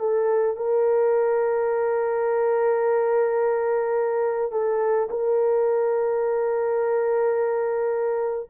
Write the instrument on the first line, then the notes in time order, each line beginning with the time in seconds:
horn
0.00 A4
0.57 A#4
4.52 A4
5.10 A#4